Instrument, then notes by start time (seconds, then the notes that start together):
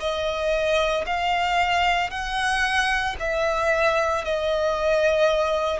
violin
0.00 D#5
1.06 F5
2.11 F#5
3.20 E5
4.25 D#5